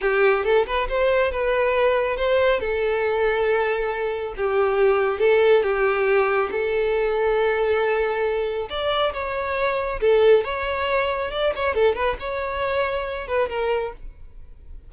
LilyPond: \new Staff \with { instrumentName = "violin" } { \time 4/4 \tempo 4 = 138 g'4 a'8 b'8 c''4 b'4~ | b'4 c''4 a'2~ | a'2 g'2 | a'4 g'2 a'4~ |
a'1 | d''4 cis''2 a'4 | cis''2 d''8 cis''8 a'8 b'8 | cis''2~ cis''8 b'8 ais'4 | }